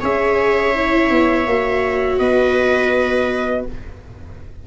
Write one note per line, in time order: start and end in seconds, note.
0.00 1.11 C#4
0.00 0.74 G#4
0.00 2.19 C#5
0.00 2.19 E5
0.74 1.47 E4
1.11 1.46 B3
1.46 2.19 A#3
1.46 3.67 F#4
2.19 3.65 B3
2.19 3.66 B4
2.19 3.65 D#5